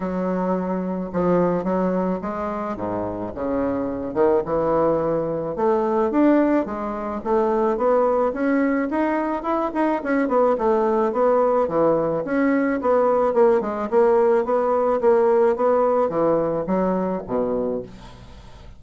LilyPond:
\new Staff \with { instrumentName = "bassoon" } { \time 4/4 \tempo 4 = 108 fis2 f4 fis4 | gis4 gis,4 cis4. dis8 | e2 a4 d'4 | gis4 a4 b4 cis'4 |
dis'4 e'8 dis'8 cis'8 b8 a4 | b4 e4 cis'4 b4 | ais8 gis8 ais4 b4 ais4 | b4 e4 fis4 b,4 | }